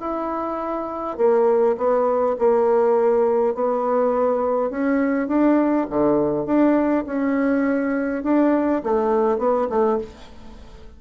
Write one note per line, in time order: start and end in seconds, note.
0.00 1.18 E4
1.18 1.76 A#3
1.78 2.36 B3
2.39 3.55 A#3
3.55 4.71 B3
4.71 5.28 C#4
5.28 5.87 D4
5.90 6.46 D3
6.46 7.05 D4
7.07 8.24 C#4
8.24 8.82 D4
8.84 9.39 A3
9.39 9.68 B3
9.70 9.99 A3